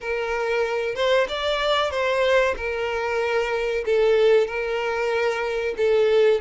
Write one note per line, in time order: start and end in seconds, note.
0.01 0.95 A#4
0.95 1.27 C5
1.28 1.91 D5
1.91 2.54 C5
2.56 3.84 A#4
3.85 4.47 A4
4.47 5.74 A#4
5.77 6.41 A4